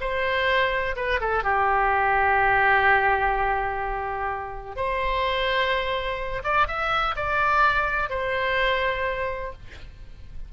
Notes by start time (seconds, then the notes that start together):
0.00 C5
0.96 B4
1.20 A4
1.43 G4
4.76 C5
6.43 D5
6.67 E5
7.16 D5
8.10 C5